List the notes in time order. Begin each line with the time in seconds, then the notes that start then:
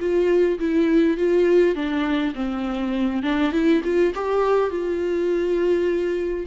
0.00 F4
0.59 E4
1.17 F4
1.75 D4
2.35 C4
3.23 D4
3.52 E4
3.84 F4
4.15 G4
4.70 F4